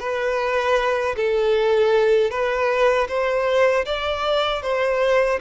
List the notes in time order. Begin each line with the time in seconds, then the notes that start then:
0.00 B4
1.16 A4
2.31 B4
3.08 C5
3.86 D5
4.63 C5